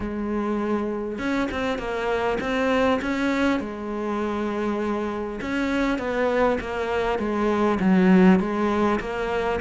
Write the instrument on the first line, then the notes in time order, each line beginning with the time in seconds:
cello
0.00 G#3
1.18 C#4
1.51 C4
1.78 A#3
2.40 C4
3.01 C#4
3.59 G#3
5.41 C#4
5.98 B3
6.60 A#3
7.18 G#3
7.80 F#3
8.39 G#3
9.00 A#3